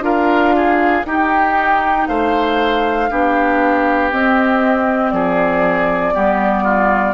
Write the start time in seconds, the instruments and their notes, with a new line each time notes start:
0.00 bassoon D4, clarinet F4, oboe A#4, flute F5
0.55 oboe G#4
1.05 bassoon D#4, clarinet D#4, oboe G4, flute G5
2.07 bassoon A3, oboe C5, flute F5
3.10 bassoon B3, clarinet D4, oboe G4
4.11 clarinet C4, bassoon C4, flute D#5
5.11 bassoon F3, oboe G#4, flute D5
6.13 bassoon G3, clarinet B3, oboe G4
6.63 oboe F4